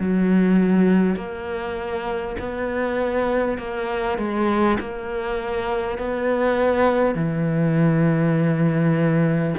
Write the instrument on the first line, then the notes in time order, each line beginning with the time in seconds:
cello
0.00 F#3
1.16 A#3
2.39 B3
3.59 A#3
4.19 G#3
4.80 A#3
5.99 B3
7.16 E3